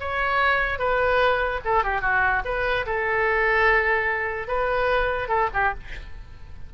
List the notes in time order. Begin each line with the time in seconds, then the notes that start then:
0.00 C#5
0.79 B4
1.65 A4
1.84 G4
2.01 F#4
2.45 B4
2.86 A4
4.47 B4
5.28 A4
5.54 G4